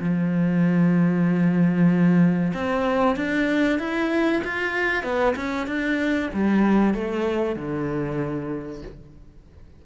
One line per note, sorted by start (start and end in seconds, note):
0.00 2.53 F3
2.54 3.16 C4
3.16 3.79 D4
3.79 4.42 E4
4.44 5.04 F4
5.04 5.35 B3
5.36 5.67 C#4
5.67 6.30 D4
6.33 6.94 G3
6.94 7.56 A3
7.56 8.82 D3